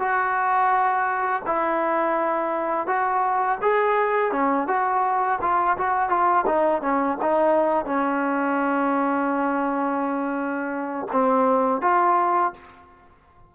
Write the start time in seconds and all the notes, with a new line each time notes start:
0.00 F#4
1.46 E4
2.87 F#4
3.62 G#4
4.32 C#4
4.68 F#4
5.42 F4
5.78 F#4
6.10 F4
6.47 D#4
6.82 C#4
7.22 D#4
7.86 C#4
11.13 C4
11.82 F4